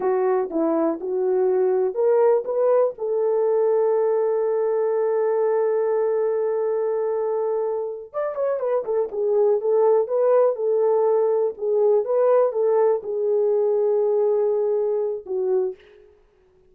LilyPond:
\new Staff \with { instrumentName = "horn" } { \time 4/4 \tempo 4 = 122 fis'4 e'4 fis'2 | ais'4 b'4 a'2~ | a'1~ | a'1~ |
a'8 d''8 cis''8 b'8 a'8 gis'4 a'8~ | a'8 b'4 a'2 gis'8~ | gis'8 b'4 a'4 gis'4.~ | gis'2. fis'4 | }